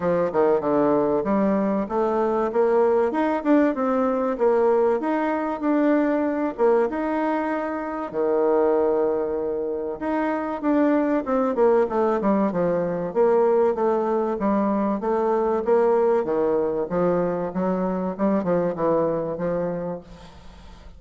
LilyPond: \new Staff \with { instrumentName = "bassoon" } { \time 4/4 \tempo 4 = 96 f8 dis8 d4 g4 a4 | ais4 dis'8 d'8 c'4 ais4 | dis'4 d'4. ais8 dis'4~ | dis'4 dis2. |
dis'4 d'4 c'8 ais8 a8 g8 | f4 ais4 a4 g4 | a4 ais4 dis4 f4 | fis4 g8 f8 e4 f4 | }